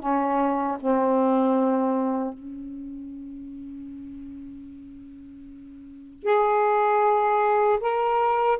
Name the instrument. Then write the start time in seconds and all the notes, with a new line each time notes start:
saxophone
0.00 C#4
0.80 C4
2.34 C#4
6.24 G#4
7.81 A#4